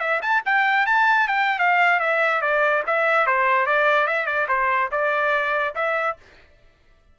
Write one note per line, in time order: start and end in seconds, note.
0.00 0.21 E5
0.22 0.43 A5
0.45 0.86 G5
0.86 1.28 A5
1.28 1.59 G5
1.59 2.00 F5
2.00 2.42 E5
2.42 2.84 D5
2.87 3.27 E5
3.27 3.67 C5
3.67 4.07 D5
4.07 4.27 E5
4.27 4.47 D5
4.49 4.90 C5
4.91 5.75 D5
5.75 6.17 E5